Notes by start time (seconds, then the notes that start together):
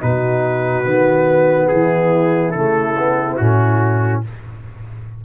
0.00 B2 D#4 F#4 B4
0.85 D#3 B3
1.68 E3 E4 G#4
2.51 C#3 A3 A4
2.98 B3
3.37 A2 C#4 F#4